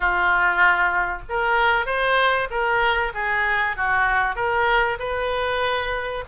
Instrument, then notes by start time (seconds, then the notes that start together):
oboe
0.00 F4
1.29 A#4
1.86 C5
2.50 A#4
3.13 G#4
3.76 F#4
4.35 A#4
4.99 B4